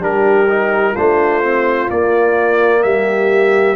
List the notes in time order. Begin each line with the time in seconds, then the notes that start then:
0.00 G3 D4 G4 A#4
0.49 D#4
0.92 A3 D4 F4 C5
1.43 C4
1.89 A#3 D5
2.83 G3 G4 E5